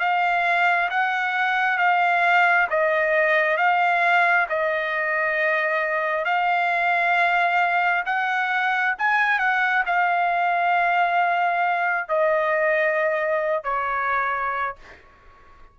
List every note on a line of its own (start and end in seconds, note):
0.00 0.90 F5
0.90 1.78 F#5
1.78 2.68 F5
2.70 3.57 D#5
3.57 4.47 F5
4.49 6.25 D#5
6.25 8.04 F5
8.06 8.96 F#5
8.98 9.39 G#5
9.39 9.84 F#5
9.86 12.09 F5
12.09 13.64 D#5
13.64 14.76 C#5